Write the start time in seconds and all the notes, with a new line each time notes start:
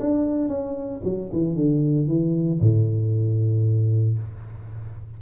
0.00 D4
0.48 C#4
1.04 F#3
1.33 E3
1.56 D3
2.07 E3
2.60 A2